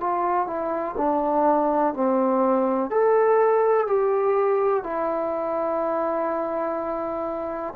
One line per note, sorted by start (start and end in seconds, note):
0.00 0.47 F4
0.47 0.95 E4
0.97 1.94 D4
1.94 2.90 C4
2.90 3.87 A4
3.87 4.84 G4
4.84 7.74 E4